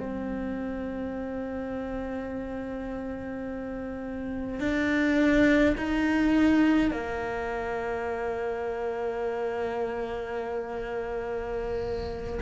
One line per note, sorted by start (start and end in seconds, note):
0.00 4.60 C4
4.60 5.76 D4
5.77 6.92 D#4
6.92 12.40 A#3